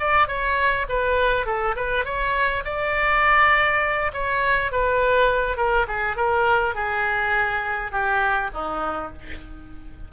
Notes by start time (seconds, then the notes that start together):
0.00 D5
0.28 C#5
0.89 B4
1.46 A4
1.76 B4
2.05 C#5
2.65 D5
4.13 C#5
4.72 B4
5.57 A#4
5.88 G#4
6.17 A#4
6.75 G#4
7.92 G4
8.54 D#4